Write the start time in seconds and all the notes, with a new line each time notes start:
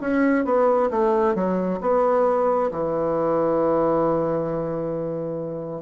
0.00 C#4
0.44 B3
0.90 A3
1.34 F#3
1.80 B3
2.71 E3